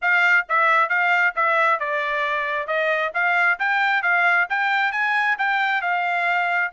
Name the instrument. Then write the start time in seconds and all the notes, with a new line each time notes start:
trumpet
0.01 F5
0.48 E5
0.89 F5
1.35 E5
1.79 D5
2.67 D#5
3.13 F5
3.59 G5
4.02 F5
4.49 G5
4.92 G#5
5.38 G5
5.81 F5